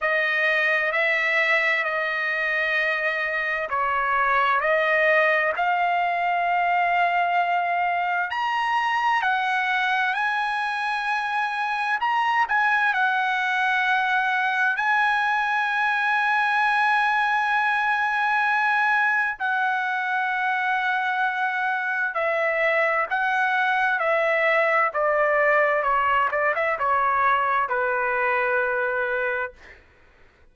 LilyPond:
\new Staff \with { instrumentName = "trumpet" } { \time 4/4 \tempo 4 = 65 dis''4 e''4 dis''2 | cis''4 dis''4 f''2~ | f''4 ais''4 fis''4 gis''4~ | gis''4 ais''8 gis''8 fis''2 |
gis''1~ | gis''4 fis''2. | e''4 fis''4 e''4 d''4 | cis''8 d''16 e''16 cis''4 b'2 | }